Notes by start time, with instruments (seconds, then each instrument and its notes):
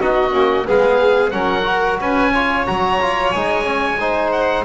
0.00 double bass B3, trombone D#4, violin F#4, oboe D#5
0.31 double bass A#3, trombone C#4
0.66 double bass G#3, trombone B3, violin G#4, oboe F5
1.31 double bass F#3, trombone C#4, violin A#4, oboe F#5
1.63 trombone F#4
2.00 double bass C#4, violin B4, oboe G#5
2.33 trombone F4, violin C#5
2.66 double bass F#3, trombone F#4, oboe A#5
3.01 trombone F4
3.31 double bass G#3, trombone D#4, oboe G#5
3.64 trombone C#4
3.99 trombone D#4, violin C5
4.31 oboe F#5